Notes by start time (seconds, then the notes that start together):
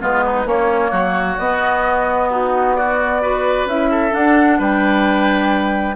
0.00 G#3 B3 F4 B4
0.26 D#4
0.46 A#3 C#4 C#5
0.91 F#3 F#4
1.39 B3 D#5
2.31 D#4 F#4
2.76 F#4 D5
3.22 F#4 B4
3.65 C#4 E4 E5
3.91 A4
4.10 D4 F#5
4.59 G3 B4 G5